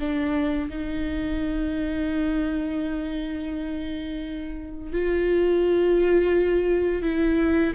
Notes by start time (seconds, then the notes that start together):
0.00 D4
0.70 D#4
4.93 F4
7.03 E4